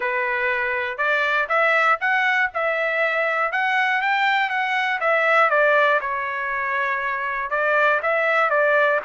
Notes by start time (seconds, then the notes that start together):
0.00 B4
0.97 D5
1.48 E5
2.00 F#5
2.54 E5
3.52 F#5
4.01 G5
4.49 F#5
5.00 E5
5.50 D5
6.00 C#5
7.50 D5
8.02 E5
8.50 D5